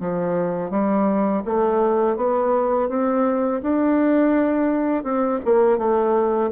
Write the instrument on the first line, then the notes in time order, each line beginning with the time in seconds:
bassoon
0.00 F3
0.70 G3
1.45 A3
2.16 B3
2.88 C4
3.62 D4
5.03 C4
5.45 A#3
5.78 A3